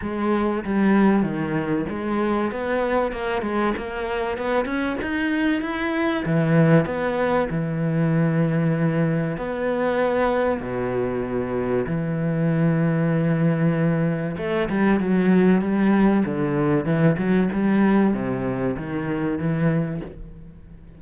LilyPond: \new Staff \with { instrumentName = "cello" } { \time 4/4 \tempo 4 = 96 gis4 g4 dis4 gis4 | b4 ais8 gis8 ais4 b8 cis'8 | dis'4 e'4 e4 b4 | e2. b4~ |
b4 b,2 e4~ | e2. a8 g8 | fis4 g4 d4 e8 fis8 | g4 c4 dis4 e4 | }